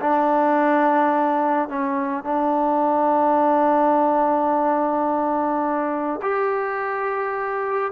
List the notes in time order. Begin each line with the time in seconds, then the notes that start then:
0.00 D4
1.68 C#4
2.24 D4
6.22 G4